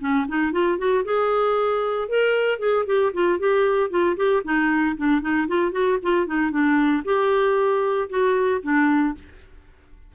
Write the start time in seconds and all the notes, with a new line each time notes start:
0.00 C#4
0.28 D#4
0.52 F4
0.78 F#4
1.05 G#4
2.09 A#4
2.59 G#4
2.86 G4
3.14 F4
3.39 G4
3.90 F4
4.17 G4
4.44 D#4
4.97 D4
5.22 D#4
5.48 F4
5.72 F#4
6.03 F4
6.27 D#4
6.51 D4
7.05 G4
8.09 F#4
8.63 D4